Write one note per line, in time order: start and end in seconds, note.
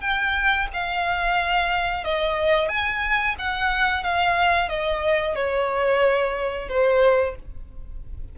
0.00 0.67 G5
0.73 2.04 F5
2.04 2.68 D#5
2.68 3.35 G#5
3.38 4.03 F#5
4.03 4.68 F5
4.68 5.35 D#5
5.35 6.68 C#5
6.68 7.35 C5